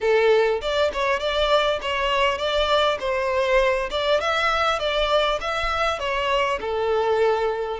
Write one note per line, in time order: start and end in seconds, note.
0.00 0.60 A4
0.61 0.91 D5
0.93 1.19 C#5
1.19 1.79 D5
1.81 2.38 C#5
2.38 2.98 D5
2.99 3.89 C5
3.90 4.20 D5
4.20 4.79 E5
4.79 5.39 D5
5.40 5.99 E5
5.99 6.59 C#5
6.60 7.79 A4